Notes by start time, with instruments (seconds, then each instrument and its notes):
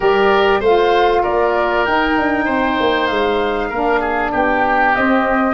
0.00 tuba G3, saxophone G4, oboe A#4, flute D5
0.60 tuba A3, saxophone F4, oboe C5, flute F5
1.22 tuba A#3, oboe A#4, flute D5
1.85 saxophone D#4, tuba D#4, flute G5
2.18 tuba D4
2.45 tuba C4, oboe C5
2.80 tuba A#3
3.07 tuba G#3, flute F5
3.69 tuba A#3, saxophone D4, oboe A#4
4.00 oboe G#4
4.31 tuba B3, oboe G4, flute G5
4.95 saxophone C4, tuba C4, flute D#5